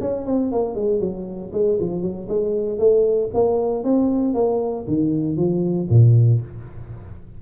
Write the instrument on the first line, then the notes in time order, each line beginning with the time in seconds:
tuba
0.00 C#4
0.26 C4
0.51 A#3
0.75 G#3
0.99 F#3
1.52 G#3
1.80 F3
2.02 F#3
2.28 G#3
2.78 A3
3.34 A#3
3.83 C4
4.34 A#3
4.87 D#3
5.36 F3
5.89 A#2